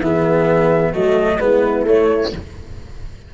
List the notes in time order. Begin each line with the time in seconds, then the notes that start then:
0.00 E3 B3 G#4 E5
0.92 F#3 A3 F#4 D#5
1.39 G#3 B3 E4 B4
1.84 A3 C#5